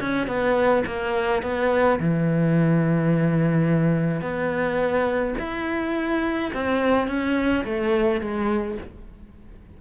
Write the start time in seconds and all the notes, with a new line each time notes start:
0.00 C#4
0.27 B3
0.86 A#3
1.42 B3
1.99 E3
4.21 B3
5.39 E4
6.54 C4
7.08 C#4
7.65 A3
8.21 G#3